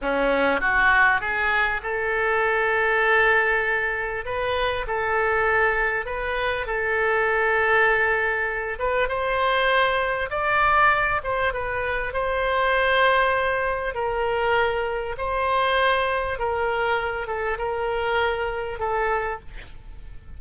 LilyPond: \new Staff \with { instrumentName = "oboe" } { \time 4/4 \tempo 4 = 99 cis'4 fis'4 gis'4 a'4~ | a'2. b'4 | a'2 b'4 a'4~ | a'2~ a'8 b'8 c''4~ |
c''4 d''4. c''8 b'4 | c''2. ais'4~ | ais'4 c''2 ais'4~ | ais'8 a'8 ais'2 a'4 | }